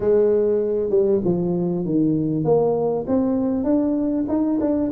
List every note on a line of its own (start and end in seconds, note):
0.00 0.90 G#3
0.90 1.20 G3
1.24 1.85 F3
1.85 2.44 D#3
2.44 3.05 A#3
3.07 3.63 C4
3.63 4.25 D4
4.28 4.59 D#4
4.60 4.90 D4